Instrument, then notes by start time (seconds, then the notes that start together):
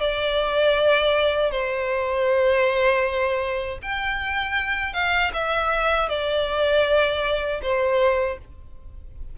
violin
0.00 D5
1.51 C5
3.82 G5
4.93 F5
5.33 E5
6.09 D5
7.62 C5